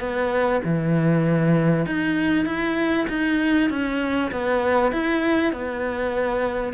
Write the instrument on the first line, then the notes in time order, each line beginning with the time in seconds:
cello
0.00 B3
0.64 E3
1.86 D#4
2.45 E4
3.09 D#4
3.70 C#4
4.32 B3
4.92 E4
5.52 B3